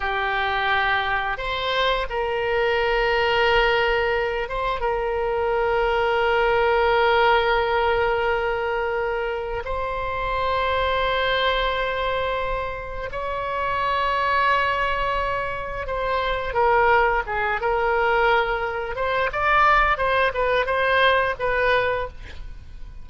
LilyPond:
\new Staff \with { instrumentName = "oboe" } { \time 4/4 \tempo 4 = 87 g'2 c''4 ais'4~ | ais'2~ ais'8 c''8 ais'4~ | ais'1~ | ais'2 c''2~ |
c''2. cis''4~ | cis''2. c''4 | ais'4 gis'8 ais'2 c''8 | d''4 c''8 b'8 c''4 b'4 | }